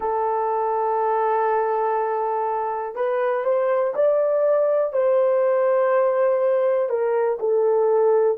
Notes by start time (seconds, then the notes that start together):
0.00 A4
2.95 B4
3.44 C5
3.94 D5
4.92 C5
6.89 A#4
7.39 A4